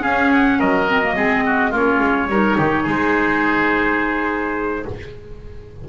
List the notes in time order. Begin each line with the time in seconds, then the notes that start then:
0.00 C#4 G#4 F5
0.33 F#5
0.59 F#3 A#4 D#5
0.88 C4
1.03 A#3
1.16 G#3 C4 G#4
1.46 F#4
1.71 A#3 C#4 F4
1.77 C#5
2.00 G#3
2.28 G3 D#4 A#4
2.58 D#3 G4
2.83 G#3 G#4
2.91 C5